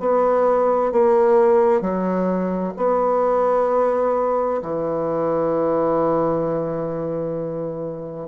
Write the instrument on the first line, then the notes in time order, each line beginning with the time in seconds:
bassoon
0.00 B3
0.92 A#3
1.81 F#3
2.77 B3
4.62 E3